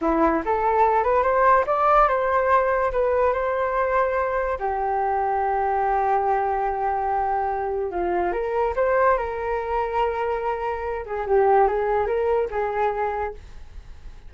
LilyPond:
\new Staff \with { instrumentName = "flute" } { \time 4/4 \tempo 4 = 144 e'4 a'4. b'8 c''4 | d''4 c''2 b'4 | c''2. g'4~ | g'1~ |
g'2. f'4 | ais'4 c''4 ais'2~ | ais'2~ ais'8 gis'8 g'4 | gis'4 ais'4 gis'2 | }